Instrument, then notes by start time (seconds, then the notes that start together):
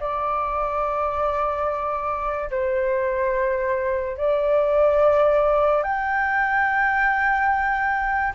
flute
0.00 D5
2.51 C5
4.17 D5
5.83 G5